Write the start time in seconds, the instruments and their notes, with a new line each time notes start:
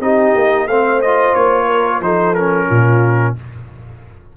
0.00 tuba C4, trombone D#4, horn G4, trumpet D#5
0.35 tuba A#3
0.67 tuba A3, trombone C4, horn C5, trumpet F5
1.01 trombone F4, trumpet D#5
1.35 tuba A#3, trumpet C#5
1.66 horn A#4
2.00 tuba F3, trombone D#4, horn A4, trumpet C5
2.35 trombone C#4, trumpet A#4
2.68 tuba A#2, horn F4